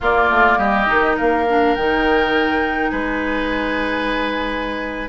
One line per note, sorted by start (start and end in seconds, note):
0.00 0.30 A#3
0.00 0.86 A#3
0.00 0.58 F4
0.00 0.58 D5
0.30 0.57 A3
0.57 0.86 G3
0.57 1.16 G4
0.57 1.17 D#5
0.86 1.19 D#3
0.86 1.44 D#4
1.16 1.76 A#3
1.16 2.91 A#4
1.16 1.75 F5
1.49 1.78 D4
1.75 2.91 D#3
1.75 5.08 D#4
1.75 2.89 G5
2.89 5.08 G#3
2.89 5.08 B4
2.89 5.08 G#5